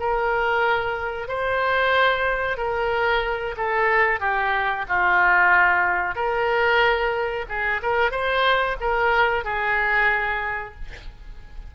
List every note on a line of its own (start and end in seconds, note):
0.00 1.28 A#4
1.28 2.58 C5
2.58 3.55 A#4
3.57 4.20 A4
4.20 4.86 G4
4.89 6.16 F4
6.16 7.46 A#4
7.49 7.82 G#4
7.83 8.12 A#4
8.12 8.77 C5
8.81 9.45 A#4
9.45 10.75 G#4